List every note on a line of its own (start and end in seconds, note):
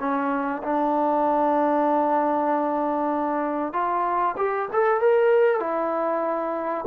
0.00 0.62 C#4
0.63 3.73 D4
3.73 4.36 F4
4.38 4.69 G4
4.73 5.01 A4
5.01 5.60 A#4
5.60 6.85 E4